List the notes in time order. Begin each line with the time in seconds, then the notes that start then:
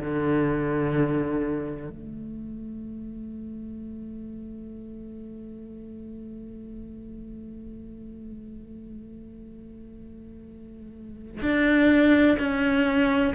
0.00 D3
1.90 A3
11.42 D4
12.39 C#4